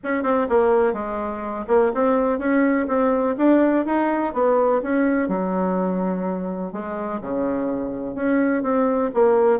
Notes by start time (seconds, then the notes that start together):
0.03 C#4
0.23 C4
0.49 A#3
0.93 G#3
1.67 A#3
1.94 C4
2.38 C#4
2.87 C4
3.37 D4
3.85 D#4
4.33 B3
4.82 C#4
5.28 F#3
6.72 G#3
7.21 C#3
8.15 C#4
8.62 C4
9.13 A#3